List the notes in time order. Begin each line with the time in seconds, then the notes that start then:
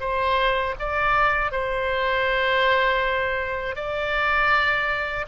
0.00 C5
0.79 D5
1.52 C5
3.76 D5